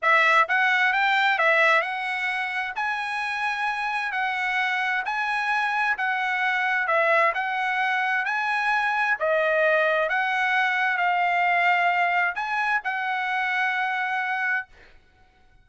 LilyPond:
\new Staff \with { instrumentName = "trumpet" } { \time 4/4 \tempo 4 = 131 e''4 fis''4 g''4 e''4 | fis''2 gis''2~ | gis''4 fis''2 gis''4~ | gis''4 fis''2 e''4 |
fis''2 gis''2 | dis''2 fis''2 | f''2. gis''4 | fis''1 | }